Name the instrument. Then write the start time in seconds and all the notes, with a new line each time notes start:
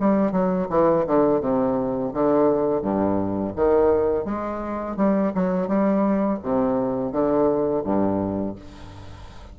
bassoon
0.00 G3
0.32 F#3
0.70 E3
1.07 D3
1.41 C3
2.14 D3
2.82 G2
3.56 D#3
4.25 G#3
4.97 G3
5.35 F#3
5.68 G3
6.43 C3
7.13 D3
7.84 G2